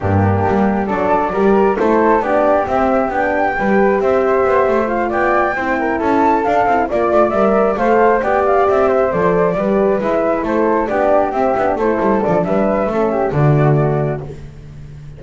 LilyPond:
<<
  \new Staff \with { instrumentName = "flute" } { \time 4/4 \tempo 4 = 135 g'2 d''2 | c''4 d''4 e''4 g''4~ | g''4 e''2 f''8 g''8~ | g''4. a''4 f''4 d''8~ |
d''8 e''4 f''4 g''8 f''8 e''8~ | e''8 d''2 e''4 c''8~ | c''8 d''4 e''4 c''4 d''8 | e''2 d''2 | }
  \new Staff \with { instrumentName = "flute" } { \time 4/4 d'2 a'4 ais'4 | a'4 g'2. | b'4 c''2~ c''8 d''8~ | d''8 c''8 ais'8 a'2 d''8~ |
d''4. c''4 d''4. | c''4. b'2 a'8~ | a'8 g'2 a'4. | b'4 a'8 g'8 fis'2 | }
  \new Staff \with { instrumentName = "horn" } { \time 4/4 ais2 d'4 g'4 | e'4 d'4 c'4 d'4 | g'2. f'4~ | f'8 e'2 d'8 e'8 f'8~ |
f'8 ais'4 a'4 g'4.~ | g'8 a'4 g'4 e'4.~ | e'8 d'4 c'8 d'8 e'4 d'8~ | d'4 cis'4 a2 | }
  \new Staff \with { instrumentName = "double bass" } { \time 4/4 g,4 g4 fis4 g4 | a4 b4 c'4 b4 | g4 c'4 b8 a4 b8~ | b8 c'4 cis'4 d'8 c'8 ais8 |
a8 g4 a4 b4 c'8~ | c'8 f4 g4 gis4 a8~ | a8 b4 c'8 b8 a8 g8 f8 | g4 a4 d2 | }
>>